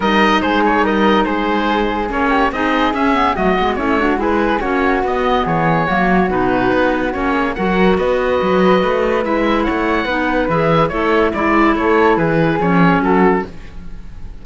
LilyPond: <<
  \new Staff \with { instrumentName = "oboe" } { \time 4/4 \tempo 4 = 143 dis''4 c''8 cis''8 dis''4 c''4~ | c''4 cis''4 dis''4 e''4 | dis''4 cis''4 b'4 cis''4 | dis''4 cis''2 b'4~ |
b'4 cis''4 fis''4 dis''4~ | dis''2 e''4 fis''4~ | fis''4 e''4 cis''4 d''4 | cis''4 b'4 cis''4 a'4 | }
  \new Staff \with { instrumentName = "flute" } { \time 4/4 ais'4 gis'4 ais'4 gis'4~ | gis'4. g'8 gis'2 | fis'4 e'8 fis'8 gis'4 fis'4~ | fis'4 gis'4 fis'2~ |
fis'4. gis'8 ais'4 b'4~ | b'2. cis''4 | b'2 e'2 | a'4 gis'2 fis'4 | }
  \new Staff \with { instrumentName = "clarinet" } { \time 4/4 dis'1~ | dis'4 cis'4 dis'4 cis'8 b8 | a8 b8 cis'8 d'8 e'4 cis'4 | b2 ais4 dis'4~ |
dis'4 cis'4 fis'2~ | fis'2 e'2 | dis'4 gis'4 a'4 e'4~ | e'2 cis'2 | }
  \new Staff \with { instrumentName = "cello" } { \time 4/4 g4 gis4 g4 gis4~ | gis4 ais4 c'4 cis'4 | fis8 gis8 a4 gis4 ais4 | b4 e4 fis4 b,4 |
b4 ais4 fis4 b4 | fis4 a4 gis4 a4 | b4 e4 a4 gis4 | a4 e4 f4 fis4 | }
>>